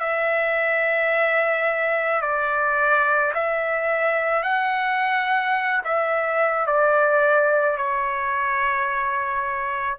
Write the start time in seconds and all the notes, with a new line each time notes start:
0.00 E5
2.22 D5
3.35 E5
4.43 F#5
5.84 E5
6.67 D5
7.78 C#5